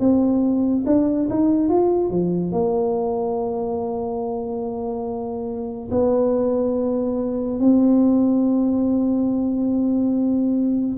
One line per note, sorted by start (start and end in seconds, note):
0.00 0.85 C4
0.86 1.29 D4
1.29 1.69 D#4
1.69 2.10 F4
2.10 2.52 F3
2.52 5.90 A#3
5.91 7.60 B3
7.60 10.98 C4